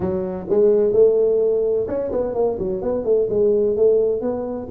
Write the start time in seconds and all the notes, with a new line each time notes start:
0.00 F#3
0.49 G#3
0.92 A3
1.87 C#4
2.11 B3
2.34 A#3
2.58 F#3
2.82 B3
3.04 A3
3.29 G#3
3.76 A3
4.21 B3